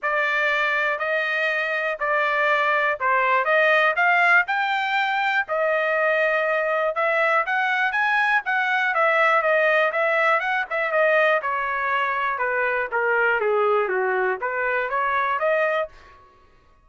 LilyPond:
\new Staff \with { instrumentName = "trumpet" } { \time 4/4 \tempo 4 = 121 d''2 dis''2 | d''2 c''4 dis''4 | f''4 g''2 dis''4~ | dis''2 e''4 fis''4 |
gis''4 fis''4 e''4 dis''4 | e''4 fis''8 e''8 dis''4 cis''4~ | cis''4 b'4 ais'4 gis'4 | fis'4 b'4 cis''4 dis''4 | }